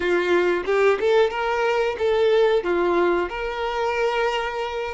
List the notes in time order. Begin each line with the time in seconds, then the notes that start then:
0.00 F4
0.65 G4
1.00 A4
1.30 A#4
1.98 A4
2.63 F4
3.29 A#4